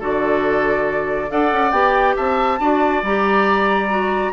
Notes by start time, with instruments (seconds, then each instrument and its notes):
0.00 bassoon D3, clarinet F#4, oboe A4, flute D5
1.29 bassoon D4, clarinet A4, oboe D5, flute F#5
1.52 bassoon C#4
1.71 bassoon B3, clarinet G4, flute G5
2.16 bassoon C4, oboe E5, flute A5
2.59 bassoon D4, clarinet F#4, oboe D5
3.03 bassoon G3, clarinet G4, flute A#5
3.89 clarinet F#4